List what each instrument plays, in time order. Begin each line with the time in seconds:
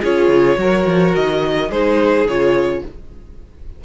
0.00 cello C#4, viola F4, violin G#4 C#5
0.28 cello C#3
0.57 cello F#3, viola F#4, violin A#4
0.86 cello F3
1.15 cello D#3, violin D#5
1.68 cello G#3, viola D#4, violin G#4 C5
2.25 cello C#3, viola F4, violin C#5